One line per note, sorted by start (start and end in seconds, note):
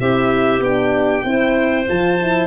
0.00 0.60 C4
0.00 0.63 E4
0.00 1.26 G4
0.00 0.62 E5
0.60 1.23 B3
0.60 1.24 D4
0.60 1.89 G5
1.24 1.87 C4
1.24 1.87 E4
1.24 2.47 C5
1.88 2.47 F3
1.88 2.19 F4
1.88 2.47 A5
2.22 2.47 E4